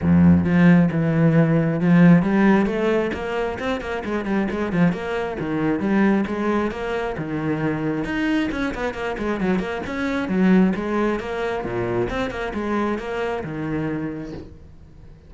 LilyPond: \new Staff \with { instrumentName = "cello" } { \time 4/4 \tempo 4 = 134 f,4 f4 e2 | f4 g4 a4 ais4 | c'8 ais8 gis8 g8 gis8 f8 ais4 | dis4 g4 gis4 ais4 |
dis2 dis'4 cis'8 b8 | ais8 gis8 fis8 ais8 cis'4 fis4 | gis4 ais4 ais,4 c'8 ais8 | gis4 ais4 dis2 | }